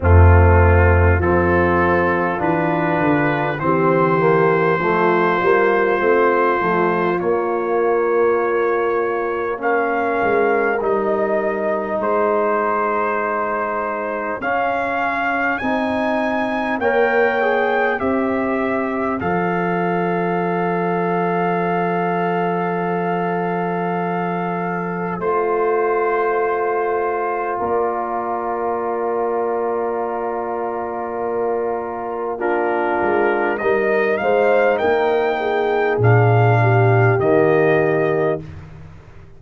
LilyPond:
<<
  \new Staff \with { instrumentName = "trumpet" } { \time 4/4 \tempo 4 = 50 f'4 a'4 b'4 c''4~ | c''2 cis''2 | f''4 dis''4 c''2 | f''4 gis''4 g''4 e''4 |
f''1~ | f''4 c''2 d''4~ | d''2. ais'4 | dis''8 f''8 g''4 f''4 dis''4 | }
  \new Staff \with { instrumentName = "horn" } { \time 4/4 c'4 f'2 g'4 | f'1 | ais'2 gis'2~ | gis'2 cis''4 c''4~ |
c''1~ | c''2. ais'4~ | ais'2. f'4 | ais'8 c''8 ais'8 gis'4 g'4. | }
  \new Staff \with { instrumentName = "trombone" } { \time 4/4 a4 c'4 d'4 c'8 ais8 | a8 ais8 c'8 a8 ais2 | cis'4 dis'2. | cis'4 dis'4 ais'8 gis'8 g'4 |
a'1~ | a'4 f'2.~ | f'2. d'4 | dis'2 d'4 ais4 | }
  \new Staff \with { instrumentName = "tuba" } { \time 4/4 f,4 f4 e8 d8 e4 | f8 g8 a8 f8 ais2~ | ais8 gis8 g4 gis2 | cis'4 c'4 ais4 c'4 |
f1~ | f4 a2 ais4~ | ais2.~ ais8 gis8 | g8 gis8 ais4 ais,4 dis4 | }
>>